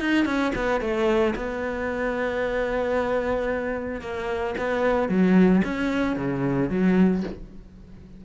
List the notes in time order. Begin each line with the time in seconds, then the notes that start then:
0.00 D#4
0.25 C#4
0.55 B3
0.81 A3
1.35 B3
4.01 A#3
4.58 B3
5.09 F#3
5.64 C#4
6.16 C#3
6.70 F#3